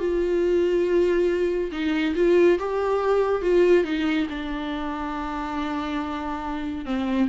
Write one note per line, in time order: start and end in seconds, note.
0.00 1.71 F4
1.72 2.15 D#4
2.16 2.59 F4
2.59 3.42 G4
3.42 3.85 F4
3.85 4.28 D#4
4.30 6.86 D4
6.86 7.29 C4